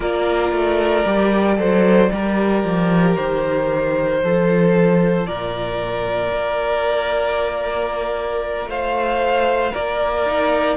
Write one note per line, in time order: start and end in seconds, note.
0.00 0.52 A#3
0.00 1.05 F4
0.00 1.57 A#4
0.00 3.16 D5
0.52 1.04 A3
1.05 1.57 G3
1.05 1.57 G4
1.57 2.10 F#3
1.57 2.09 A4
1.57 2.12 C5
2.12 2.64 G3
2.12 4.20 G4
2.12 4.22 A#4
2.64 3.16 F3
3.16 4.23 D#3
3.16 5.26 C5
4.20 5.27 F3
4.20 10.25 F4
4.20 5.27 A4
5.26 6.32 A#2
5.26 8.69 A#4
5.26 8.68 D5
6.32 8.66 A#3
8.66 9.71 A3
8.66 9.72 C5
8.66 9.74 F5
9.72 10.77 A#3
9.72 10.77 A#4
9.72 10.77 D5
10.26 10.77 D#4